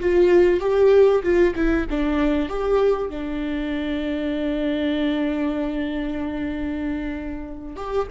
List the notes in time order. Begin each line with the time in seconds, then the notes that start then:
0.00 F4
0.60 G4
1.23 F4
1.56 E4
1.90 D4
2.49 G4
3.10 D4
7.76 G4